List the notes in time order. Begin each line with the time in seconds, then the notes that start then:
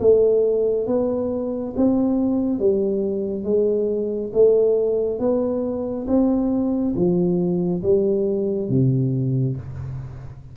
0.00 A3
0.87 B3
1.76 C4
2.59 G3
3.44 G#3
4.33 A3
5.19 B3
6.07 C4
6.95 F3
7.83 G3
8.69 C3